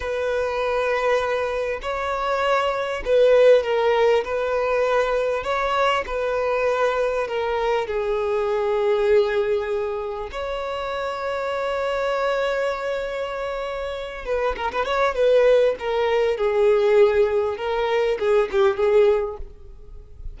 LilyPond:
\new Staff \with { instrumentName = "violin" } { \time 4/4 \tempo 4 = 99 b'2. cis''4~ | cis''4 b'4 ais'4 b'4~ | b'4 cis''4 b'2 | ais'4 gis'2.~ |
gis'4 cis''2.~ | cis''2.~ cis''8 b'8 | ais'16 b'16 cis''8 b'4 ais'4 gis'4~ | gis'4 ais'4 gis'8 g'8 gis'4 | }